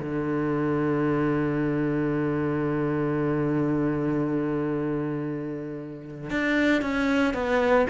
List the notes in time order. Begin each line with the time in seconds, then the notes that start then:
0.00 D3
6.31 D4
6.82 C#4
7.34 B3